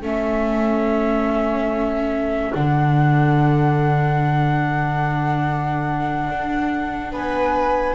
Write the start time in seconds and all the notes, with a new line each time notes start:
0.00 A3 C#4 A4 E5
2.53 D3 D4 F#5
6.29 D4
7.11 B3 B4 G#5